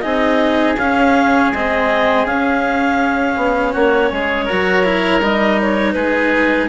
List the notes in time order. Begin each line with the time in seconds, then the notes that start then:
0.00 C4 D#4 G#4 D#5
0.77 C#4 F5
1.52 G#3 C4 D#5
2.25 C#4 F5
3.36 B3
3.72 A#3 F#4 C#5
4.12 G#3 G#4
4.45 F#4 A#4
4.51 F#3
4.85 E4
5.21 G3 D#4 D#5
5.62 C#5
5.93 G#3 G#4 B4